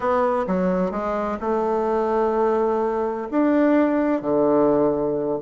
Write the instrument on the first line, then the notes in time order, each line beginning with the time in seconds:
bassoon
0.00 B3
0.47 F#3
0.91 G#3
1.40 A3
3.31 D4
4.21 D3